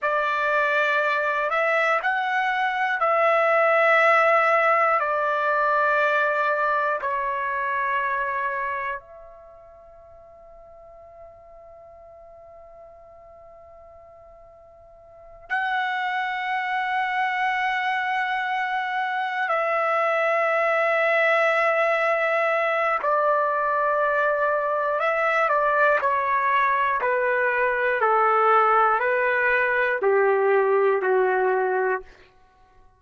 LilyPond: \new Staff \with { instrumentName = "trumpet" } { \time 4/4 \tempo 4 = 60 d''4. e''8 fis''4 e''4~ | e''4 d''2 cis''4~ | cis''4 e''2.~ | e''2.~ e''8 fis''8~ |
fis''2.~ fis''8 e''8~ | e''2. d''4~ | d''4 e''8 d''8 cis''4 b'4 | a'4 b'4 g'4 fis'4 | }